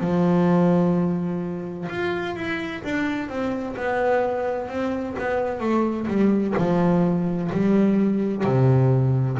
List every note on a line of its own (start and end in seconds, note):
0.00 1.87 F3
1.89 2.35 F4
2.35 2.82 E4
2.84 3.29 D4
3.29 3.75 C4
3.76 4.68 B3
4.68 5.15 C4
5.18 5.60 B3
5.60 6.06 A3
6.07 6.54 G3
6.57 7.50 F3
7.52 8.44 G3
8.44 9.37 C3